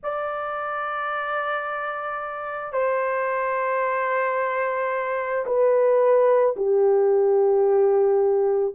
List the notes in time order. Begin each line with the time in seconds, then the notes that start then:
0.03 D5
2.72 C5
5.45 B4
6.56 G4